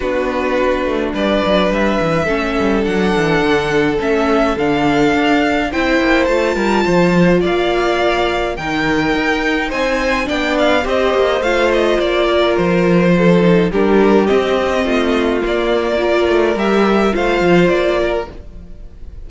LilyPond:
<<
  \new Staff \with { instrumentName = "violin" } { \time 4/4 \tempo 4 = 105 b'2 d''4 e''4~ | e''4 fis''2 e''4 | f''2 g''4 a''4~ | a''4 f''2 g''4~ |
g''4 gis''4 g''8 f''8 dis''4 | f''8 dis''8 d''4 c''2 | ais'4 dis''2 d''4~ | d''4 e''4 f''4 d''4 | }
  \new Staff \with { instrumentName = "violin" } { \time 4/4 fis'2 b'2 | a'1~ | a'2 c''4. ais'8 | c''4 d''2 ais'4~ |
ais'4 c''4 d''4 c''4~ | c''4. ais'4. a'4 | g'2 f'2 | ais'2 c''4. ais'8 | }
  \new Staff \with { instrumentName = "viola" } { \time 4/4 d'1 | cis'4 d'2 cis'4 | d'2 e'4 f'4~ | f'2. dis'4~ |
dis'2 d'4 g'4 | f'2.~ f'8 dis'8 | d'4 c'2 ais4 | f'4 g'4 f'2 | }
  \new Staff \with { instrumentName = "cello" } { \time 4/4 b4. a8 g8 fis8 g8 e8 | a8 g8 fis8 e8 d4 a4 | d4 d'4 c'8 ais8 a8 g8 | f4 ais2 dis4 |
dis'4 c'4 b4 c'8 ais8 | a4 ais4 f2 | g4 c'4 a4 ais4~ | ais8 a8 g4 a8 f8 ais4 | }
>>